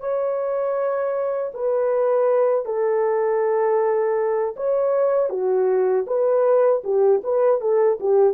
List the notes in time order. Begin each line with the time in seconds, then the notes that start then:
0.00 C#5
1.54 B4
2.65 A4
4.56 C#5
5.30 F#4
6.07 B4
6.84 G4
7.24 B4
7.61 A4
8.00 G4